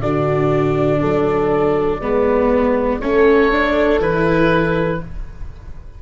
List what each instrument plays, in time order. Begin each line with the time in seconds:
0.00 tuba D3, viola D4, horn F#4, oboe D5
1.01 tuba F#3, horn A4
2.00 tuba G#3, viola B3, horn B4
3.01 tuba A3, viola C#4, horn A4, oboe C#5
3.52 viola D4
3.99 tuba E3, viola E4, oboe B4